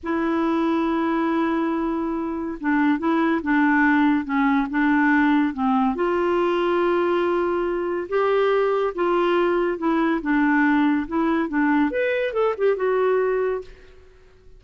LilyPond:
\new Staff \with { instrumentName = "clarinet" } { \time 4/4 \tempo 4 = 141 e'1~ | e'2 d'4 e'4 | d'2 cis'4 d'4~ | d'4 c'4 f'2~ |
f'2. g'4~ | g'4 f'2 e'4 | d'2 e'4 d'4 | b'4 a'8 g'8 fis'2 | }